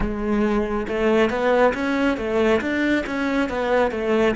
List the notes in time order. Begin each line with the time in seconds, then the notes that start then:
0.00 G#3
0.88 A3
1.30 B3
1.74 C#4
2.17 A3
2.61 D4
3.06 C#4
3.49 B3
3.91 A3